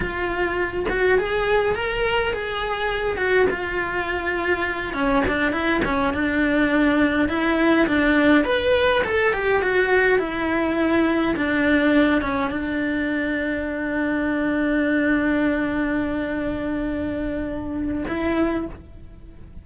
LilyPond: \new Staff \with { instrumentName = "cello" } { \time 4/4 \tempo 4 = 103 f'4. fis'8 gis'4 ais'4 | gis'4. fis'8 f'2~ | f'8 cis'8 d'8 e'8 cis'8 d'4.~ | d'8 e'4 d'4 b'4 a'8 |
g'8 fis'4 e'2 d'8~ | d'4 cis'8 d'2~ d'8~ | d'1~ | d'2. e'4 | }